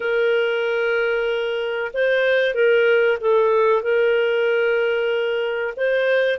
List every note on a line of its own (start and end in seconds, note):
0.00 1.91 A#4
1.93 2.54 C5
2.54 3.18 A#4
3.20 3.82 A4
3.82 5.73 A#4
5.76 6.39 C5